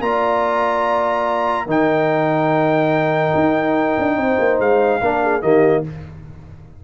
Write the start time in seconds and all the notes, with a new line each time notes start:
0.00 A#3 F4 D5 A#5
1.66 D#3 D#4 A#4 G5
3.35 D#4
3.99 D4
4.17 C4 C5
4.39 A#3
4.60 G#3 F5
5.01 A#3 D4 A#4
5.23 G#4
5.42 D#3 A#3 G4 D#5